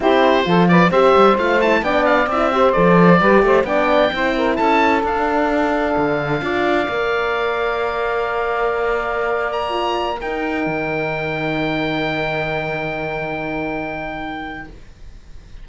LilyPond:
<<
  \new Staff \with { instrumentName = "oboe" } { \time 4/4 \tempo 4 = 131 c''4. d''8 e''4 f''8 a''8 | g''8 f''8 e''4 d''2 | g''2 a''4 f''4~ | f''1~ |
f''1~ | f''8. ais''4. g''4.~ g''16~ | g''1~ | g''1 | }
  \new Staff \with { instrumentName = "saxophone" } { \time 4/4 g'4 a'8 b'8 c''2 | d''4. c''4. b'8 c''8 | d''4 c''8 ais'8 a'2~ | a'2 d''2~ |
d''1~ | d''2~ d''16 ais'4.~ ais'16~ | ais'1~ | ais'1 | }
  \new Staff \with { instrumentName = "horn" } { \time 4/4 e'4 f'4 g'4 f'8 e'8 | d'4 e'8 g'8 a'4 g'4 | d'4 e'2 d'4~ | d'2 f'4 ais'4~ |
ais'1~ | ais'4~ ais'16 f'4 dis'4.~ dis'16~ | dis'1~ | dis'1 | }
  \new Staff \with { instrumentName = "cello" } { \time 4/4 c'4 f4 c'8 g8 a4 | b4 c'4 f4 g8 a8 | b4 c'4 cis'4 d'4~ | d'4 d4 d'4 ais4~ |
ais1~ | ais2~ ais16 dis'4 dis8.~ | dis1~ | dis1 | }
>>